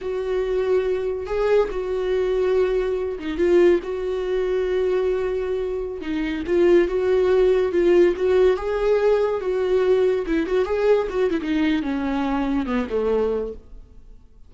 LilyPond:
\new Staff \with { instrumentName = "viola" } { \time 4/4 \tempo 4 = 142 fis'2. gis'4 | fis'2.~ fis'8 dis'8 | f'4 fis'2.~ | fis'2~ fis'16 dis'4 f'8.~ |
f'16 fis'2 f'4 fis'8.~ | fis'16 gis'2 fis'4.~ fis'16~ | fis'16 e'8 fis'8 gis'4 fis'8 e'16 dis'4 | cis'2 b8 a4. | }